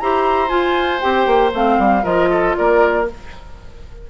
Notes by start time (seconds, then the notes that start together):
0.00 E4 G4 C5 A#5
0.49 F4 G#5
1.01 C4 G4 G5
1.27 A#3
1.54 A3 C4 F5
1.79 G3
2.03 F3 F4 A#4 D#5
2.31 A4
2.57 A#3 A#4 D5